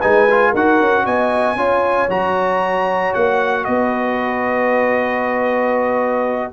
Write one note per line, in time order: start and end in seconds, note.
0.00 0.54 G#3
0.00 0.29 D#4
0.00 0.51 B4
0.00 0.53 G#5
0.31 0.56 F4
0.51 0.80 D#4
0.51 1.58 F#4
0.51 1.03 A#4
0.51 1.06 F#5
0.80 1.06 C#4
1.05 1.56 B3
1.05 1.57 D#5
1.05 2.10 G#5
1.56 2.08 C#4
1.56 2.09 F4
1.56 3.66 C#5
2.09 3.13 F#3
2.09 6.53 F#4
2.09 3.14 A#5
3.14 3.67 A#3
3.14 3.65 F#5
3.65 6.53 B3
3.65 6.53 B4
3.65 6.52 D#5